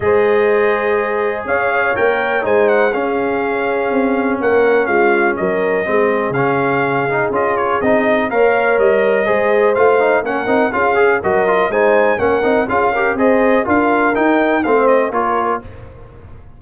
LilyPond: <<
  \new Staff \with { instrumentName = "trumpet" } { \time 4/4 \tempo 4 = 123 dis''2. f''4 | g''4 gis''8 fis''8 f''2~ | f''4 fis''4 f''4 dis''4~ | dis''4 f''2 dis''8 cis''8 |
dis''4 f''4 dis''2 | f''4 fis''4 f''4 dis''4 | gis''4 fis''4 f''4 dis''4 | f''4 g''4 f''8 dis''8 cis''4 | }
  \new Staff \with { instrumentName = "horn" } { \time 4/4 c''2. cis''4~ | cis''4 c''4 gis'2~ | gis'4 ais'4 f'4 ais'4 | gis'1~ |
gis'4 cis''2 c''4~ | c''4 ais'4 gis'4 ais'4 | c''4 ais'4 gis'8 ais'8 c''4 | ais'2 c''4 ais'4 | }
  \new Staff \with { instrumentName = "trombone" } { \time 4/4 gis'1 | ais'4 dis'4 cis'2~ | cis'1 | c'4 cis'4. dis'8 f'4 |
dis'4 ais'2 gis'4 | f'8 dis'8 cis'8 dis'8 f'8 gis'8 fis'8 f'8 | dis'4 cis'8 dis'8 f'8 g'8 gis'4 | f'4 dis'4 c'4 f'4 | }
  \new Staff \with { instrumentName = "tuba" } { \time 4/4 gis2. cis'4 | ais4 gis4 cis'2 | c'4 ais4 gis4 fis4 | gis4 cis2 cis'4 |
c'4 ais4 g4 gis4 | a4 ais8 c'8 cis'4 fis4 | gis4 ais8 c'8 cis'4 c'4 | d'4 dis'4 a4 ais4 | }
>>